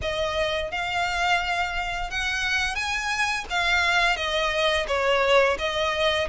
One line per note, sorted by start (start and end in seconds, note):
0.01 0.71 D#5
0.71 2.10 F5
2.10 2.75 F#5
2.75 3.44 G#5
3.50 4.16 F5
4.16 4.86 D#5
4.87 5.57 C#5
5.58 6.28 D#5